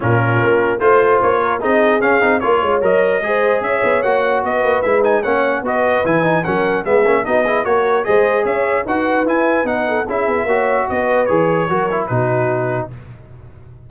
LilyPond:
<<
  \new Staff \with { instrumentName = "trumpet" } { \time 4/4 \tempo 4 = 149 ais'2 c''4 cis''4 | dis''4 f''4 cis''4 dis''4~ | dis''4 e''4 fis''4 dis''4 | e''8 gis''8 fis''4 dis''4 gis''4 |
fis''4 e''4 dis''4 cis''4 | dis''4 e''4 fis''4 gis''4 | fis''4 e''2 dis''4 | cis''2 b'2 | }
  \new Staff \with { instrumentName = "horn" } { \time 4/4 f'2 c''4. ais'8 | gis'2 ais'8 cis''4. | c''4 cis''2 b'4~ | b'4 cis''4 b'2 |
ais'4 gis'4 fis'8 gis'8 ais'4 | c''4 cis''4 b'2~ | b'8 a'8 gis'4 cis''4 b'4~ | b'4 ais'4 fis'2 | }
  \new Staff \with { instrumentName = "trombone" } { \time 4/4 cis'2 f'2 | dis'4 cis'8 dis'8 f'4 ais'4 | gis'2 fis'2 | e'8 dis'8 cis'4 fis'4 e'8 dis'8 |
cis'4 b8 cis'8 dis'8 e'8 fis'4 | gis'2 fis'4 e'4 | dis'4 e'4 fis'2 | gis'4 fis'8 e'8 dis'2 | }
  \new Staff \with { instrumentName = "tuba" } { \time 4/4 ais,4 ais4 a4 ais4 | c'4 cis'8 c'8 ais8 gis8 fis4 | gis4 cis'8 b8 ais4 b8 ais8 | gis4 ais4 b4 e4 |
fis4 gis8 ais8 b4 ais4 | gis4 cis'4 dis'4 e'4 | b4 cis'8 b8 ais4 b4 | e4 fis4 b,2 | }
>>